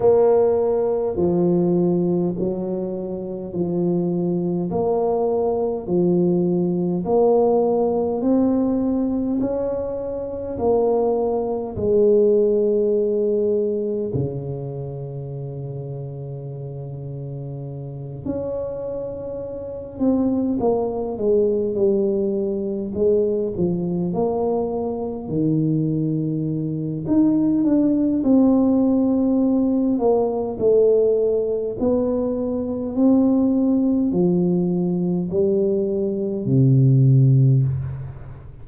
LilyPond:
\new Staff \with { instrumentName = "tuba" } { \time 4/4 \tempo 4 = 51 ais4 f4 fis4 f4 | ais4 f4 ais4 c'4 | cis'4 ais4 gis2 | cis2.~ cis8 cis'8~ |
cis'4 c'8 ais8 gis8 g4 gis8 | f8 ais4 dis4. dis'8 d'8 | c'4. ais8 a4 b4 | c'4 f4 g4 c4 | }